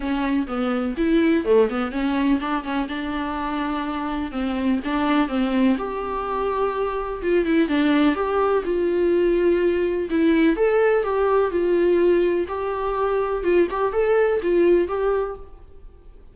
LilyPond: \new Staff \with { instrumentName = "viola" } { \time 4/4 \tempo 4 = 125 cis'4 b4 e'4 a8 b8 | cis'4 d'8 cis'8 d'2~ | d'4 c'4 d'4 c'4 | g'2. f'8 e'8 |
d'4 g'4 f'2~ | f'4 e'4 a'4 g'4 | f'2 g'2 | f'8 g'8 a'4 f'4 g'4 | }